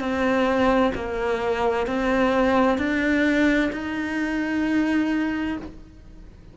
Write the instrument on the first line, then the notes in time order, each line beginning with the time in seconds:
cello
0.00 C4
0.95 A#3
1.87 C4
2.78 D4
3.73 D#4